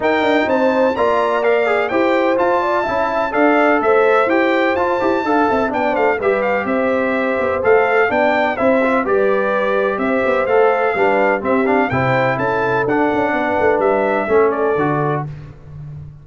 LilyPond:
<<
  \new Staff \with { instrumentName = "trumpet" } { \time 4/4 \tempo 4 = 126 g''4 a''4 ais''4 f''4 | g''4 a''2 f''4 | e''4 g''4 a''2 | g''8 f''8 e''8 f''8 e''2 |
f''4 g''4 e''4 d''4~ | d''4 e''4 f''2 | e''8 f''8 g''4 a''4 fis''4~ | fis''4 e''4. d''4. | }
  \new Staff \with { instrumentName = "horn" } { \time 4/4 ais'4 c''4 d''2 | c''4. d''8 e''4 d''4 | c''2. f''8 e''8 | d''8 c''8 b'4 c''2~ |
c''4 d''4 c''4 b'4~ | b'4 c''2 b'4 | g'4 c''4 a'2 | b'2 a'2 | }
  \new Staff \with { instrumentName = "trombone" } { \time 4/4 dis'2 f'4 ais'8 gis'8 | g'4 f'4 e'4 a'4~ | a'4 g'4 f'8 g'8 a'4 | d'4 g'2. |
a'4 d'4 e'8 f'8 g'4~ | g'2 a'4 d'4 | c'8 d'8 e'2 d'4~ | d'2 cis'4 fis'4 | }
  \new Staff \with { instrumentName = "tuba" } { \time 4/4 dis'8 d'8 c'4 ais2 | e'4 f'4 cis'4 d'4 | a4 e'4 f'8 e'8 d'8 c'8 | b8 a8 g4 c'4. b8 |
a4 b4 c'4 g4~ | g4 c'8 b8 a4 g4 | c'4 c4 cis'4 d'8 cis'8 | b8 a8 g4 a4 d4 | }
>>